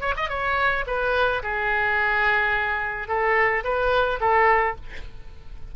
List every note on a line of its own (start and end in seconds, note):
0.00 0.14 C#5
0.16 0.29 D#5
0.29 0.84 C#5
0.86 1.42 B4
1.42 3.08 G#4
3.08 3.63 A4
3.64 4.19 B4
4.20 4.75 A4